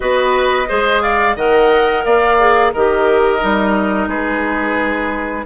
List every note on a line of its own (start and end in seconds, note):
0.00 0.69 B3
0.00 0.67 F#4
0.00 0.68 B4
0.00 1.01 D#5
0.67 1.36 G#3
0.67 1.35 G#4
0.67 1.02 C5
1.01 1.36 D5
1.01 1.35 F5
1.36 2.04 D#3
1.36 2.38 A#4
1.36 2.04 D#5
1.36 2.04 F#5
2.04 2.73 A#3
2.04 2.72 D5
2.04 2.72 F5
2.38 2.72 G#4
2.72 3.43 D#3
2.72 3.39 G4
2.72 4.08 A#4
2.72 4.09 D#5
3.39 4.07 G3
3.39 5.44 D#4
4.07 5.44 G#3
4.07 5.45 G#4
4.07 5.45 B4